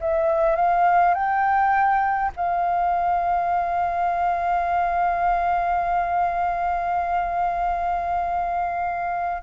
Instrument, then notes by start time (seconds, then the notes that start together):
flute
0.00 E5
0.56 F5
1.14 G5
2.36 F5